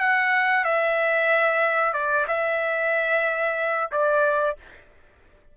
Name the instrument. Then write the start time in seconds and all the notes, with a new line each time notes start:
trumpet
0.00 F#5
0.65 E5
1.94 D5
2.28 E5
3.92 D5